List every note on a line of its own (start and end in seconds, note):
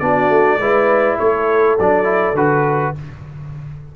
0.00 0.29 B3
0.00 0.60 D4
0.00 0.59 F#4
0.00 1.18 D5
0.29 0.58 A3
0.58 1.17 G#3
0.58 1.78 E4
0.58 1.18 B4
1.19 1.79 A3
1.19 2.96 A4
1.19 1.78 C#5
1.79 2.34 F#3
1.79 2.04 D4
1.79 2.37 D5
2.04 2.33 E4
2.34 2.93 D3
2.34 2.95 F#4
2.34 2.95 B4